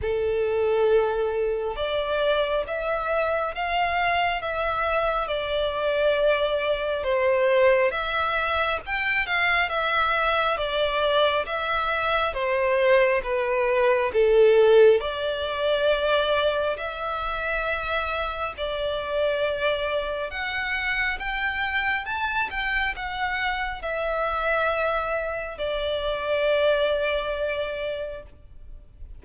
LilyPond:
\new Staff \with { instrumentName = "violin" } { \time 4/4 \tempo 4 = 68 a'2 d''4 e''4 | f''4 e''4 d''2 | c''4 e''4 g''8 f''8 e''4 | d''4 e''4 c''4 b'4 |
a'4 d''2 e''4~ | e''4 d''2 fis''4 | g''4 a''8 g''8 fis''4 e''4~ | e''4 d''2. | }